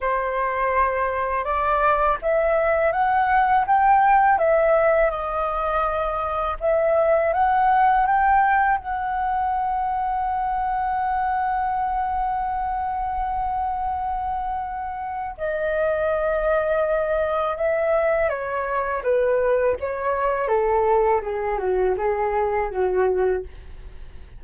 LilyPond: \new Staff \with { instrumentName = "flute" } { \time 4/4 \tempo 4 = 82 c''2 d''4 e''4 | fis''4 g''4 e''4 dis''4~ | dis''4 e''4 fis''4 g''4 | fis''1~ |
fis''1~ | fis''4 dis''2. | e''4 cis''4 b'4 cis''4 | a'4 gis'8 fis'8 gis'4 fis'4 | }